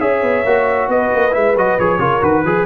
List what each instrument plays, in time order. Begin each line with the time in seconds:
0.00 tuba C#4, trombone G#4, horn C#5, trumpet E5
0.22 tuba B3
0.45 tuba A#3, trombone F#4
0.88 tuba B3, horn B4, trumpet D#5
1.15 tuba A#3
1.31 tuba G#3, trombone E4, trumpet E5
1.56 tuba F#3, trombone F#4, trumpet D#5
1.79 tuba F3, trombone G#4, trumpet C#5
1.98 tuba C#3, trombone F4, horn A#4
2.21 tuba D#3, trombone F#4, trumpet B4
2.44 tuba F3, trombone G#4, horn G#4